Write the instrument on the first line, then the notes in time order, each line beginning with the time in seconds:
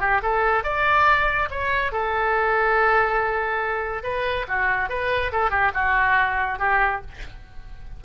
oboe
0.00 G4
0.22 A4
0.64 D5
1.50 C#5
1.92 A4
4.03 B4
4.48 F#4
4.89 B4
5.32 A4
5.50 G4
5.74 F#4
6.59 G4